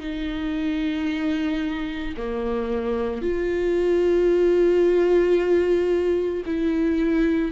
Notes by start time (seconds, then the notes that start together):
0.00 D#4
2.17 A#3
3.22 F4
6.45 E4